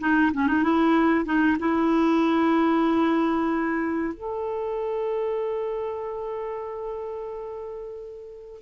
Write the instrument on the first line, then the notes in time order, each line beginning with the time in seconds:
clarinet
0.00 D#4
0.33 C#4
0.47 D#4
0.63 E4
1.25 D#4
1.59 E4
4.14 A4